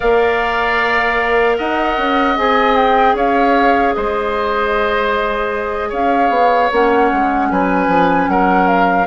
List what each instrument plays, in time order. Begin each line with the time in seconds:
0.00 bassoon A#3, clarinet A#4, oboe D5, flute F5
1.57 bassoon D#4, oboe D#5, flute F#5
1.97 bassoon C#4
2.36 bassoon C4, clarinet G#4, flute G#5
2.76 flute G5
3.13 bassoon C#4, oboe C#5, flute F5
3.94 bassoon G#3, oboe C5, flute D#5
5.89 bassoon C#4, oboe C#5, flute F5
6.29 bassoon B3
6.71 bassoon A#3, clarinet C#4, flute F#5
7.12 bassoon G#3
7.50 bassoon F#3, oboe B4, flute G#5
7.87 bassoon F3
8.28 bassoon F#3, oboe A#4, flute F#5
8.67 flute F5